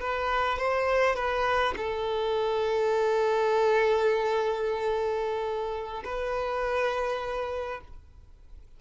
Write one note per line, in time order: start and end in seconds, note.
0.00 0.58 B4
0.58 1.16 C5
1.16 1.74 B4
1.76 6.03 A4
6.04 7.80 B4